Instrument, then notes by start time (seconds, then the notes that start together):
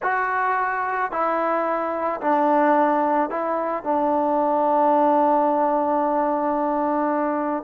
trombone
0.02 F#4
1.11 E4
2.20 D4
3.30 E4
3.83 D4